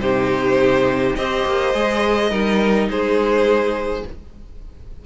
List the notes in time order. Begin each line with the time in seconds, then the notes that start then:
0.00 C3 D#4 G4 C5
1.15 C4 G4 C5 D#5
1.46 A#3
1.74 G#3 G#4
2.30 G3 D#4 A#4
2.87 G#3 G#4 C5